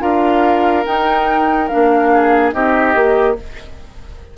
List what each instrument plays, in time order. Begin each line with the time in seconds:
0.00 bassoon D4, clarinet F4, oboe A#4, flute F5
0.86 clarinet D#4, bassoon D#4, flute G5
1.68 clarinet D4, flute F5
1.74 bassoon A#3
2.13 oboe G#4
2.53 bassoon C4, clarinet D#4, oboe G4, flute D#5
2.94 bassoon A#3, clarinet G4